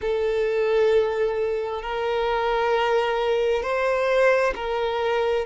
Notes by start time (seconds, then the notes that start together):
0.01 A4
1.82 A#4
3.62 C5
4.55 A#4